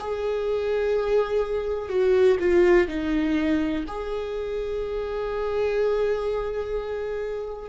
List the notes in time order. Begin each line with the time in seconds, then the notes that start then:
0.00 G#4
1.89 F#4
2.40 F4
2.88 D#4
3.88 G#4